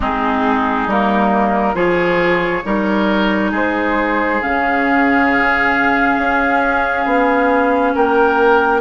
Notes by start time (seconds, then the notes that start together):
0.00 G#3 C4 D#4 G#4
0.86 G3 A#3 A#4
1.74 F3 F4 G#4 C#5
2.64 G3 D#4 A#4
3.51 G#3 G#4 C5
4.41 C#3 C#4 F5
6.17 C#4
7.05 B3
7.94 A#3 A#4 G5